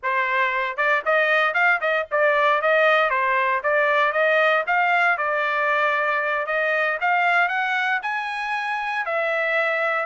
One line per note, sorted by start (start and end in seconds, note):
0.02 0.76 C5
0.76 1.02 D5
1.05 1.54 D#5
1.54 1.80 F5
1.80 2.06 D#5
2.11 2.61 D5
2.61 3.10 D#5
3.10 3.61 C5
3.63 4.12 D5
4.12 4.64 D#5
4.67 5.17 F5
5.17 6.46 D5
6.46 6.98 D#5
7.00 7.48 F5
7.48 8.00 F#5
8.02 9.05 G#5
9.05 10.06 E5